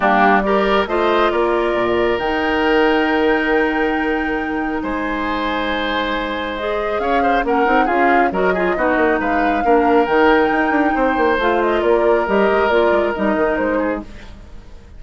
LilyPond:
<<
  \new Staff \with { instrumentName = "flute" } { \time 4/4 \tempo 4 = 137 g'4 d''4 dis''4 d''4~ | d''4 g''2.~ | g''2. gis''4~ | gis''2. dis''4 |
f''4 fis''4 f''4 dis''4~ | dis''4 f''2 g''4~ | g''2 f''8 dis''8 d''4 | dis''4 d''4 dis''4 c''4 | }
  \new Staff \with { instrumentName = "oboe" } { \time 4/4 d'4 ais'4 c''4 ais'4~ | ais'1~ | ais'2. c''4~ | c''1 |
cis''8 c''8 ais'4 gis'4 ais'8 gis'8 | fis'4 b'4 ais'2~ | ais'4 c''2 ais'4~ | ais'2.~ ais'8 gis'8 | }
  \new Staff \with { instrumentName = "clarinet" } { \time 4/4 ais4 g'4 f'2~ | f'4 dis'2.~ | dis'1~ | dis'2. gis'4~ |
gis'4 cis'8 dis'8 f'4 fis'8 f'8 | dis'2 d'4 dis'4~ | dis'2 f'2 | g'4 f'4 dis'2 | }
  \new Staff \with { instrumentName = "bassoon" } { \time 4/4 g2 a4 ais4 | ais,4 dis2.~ | dis2. gis4~ | gis1 |
cis'4 ais8 c'8 cis'4 fis4 | b8 ais8 gis4 ais4 dis4 | dis'8 d'8 c'8 ais8 a4 ais4 | g8 gis8 ais8 gis8 g8 dis8 gis4 | }
>>